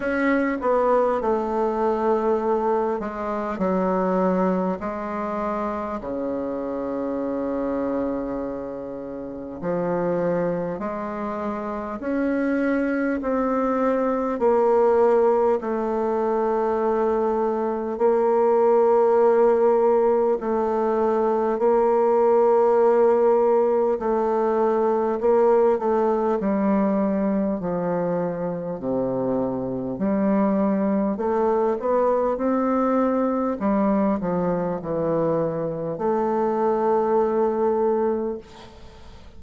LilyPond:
\new Staff \with { instrumentName = "bassoon" } { \time 4/4 \tempo 4 = 50 cis'8 b8 a4. gis8 fis4 | gis4 cis2. | f4 gis4 cis'4 c'4 | ais4 a2 ais4~ |
ais4 a4 ais2 | a4 ais8 a8 g4 f4 | c4 g4 a8 b8 c'4 | g8 f8 e4 a2 | }